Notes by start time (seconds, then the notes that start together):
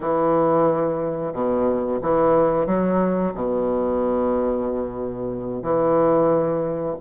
0.00 E3
1.33 B2
2.02 E3
2.66 F#3
3.34 B2
5.62 E3